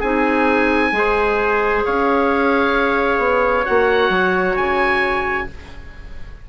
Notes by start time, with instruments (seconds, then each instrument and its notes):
0.00 bassoon C4, clarinet D#4, trumpet G#4, oboe G#5
0.92 bassoon G#3, clarinet G#4, trumpet C5
1.86 bassoon C#4, trumpet C#5, oboe F5
3.19 bassoon B3
3.65 bassoon A#3, clarinet F#4, oboe F#5
4.09 bassoon F#3
4.57 bassoon C#3, oboe G#5